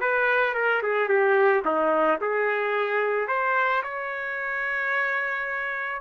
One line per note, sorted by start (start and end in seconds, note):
0.00 0.54 B4
0.54 0.81 A#4
0.82 1.08 G#4
1.08 1.63 G4
1.65 2.19 D#4
2.21 3.28 G#4
3.28 3.82 C5
3.83 6.01 C#5